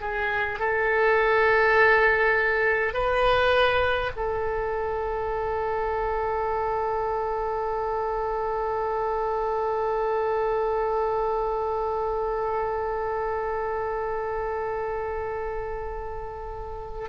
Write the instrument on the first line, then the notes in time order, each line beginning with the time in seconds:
oboe
0.00 G#4
0.59 A4
2.93 B4
4.16 A4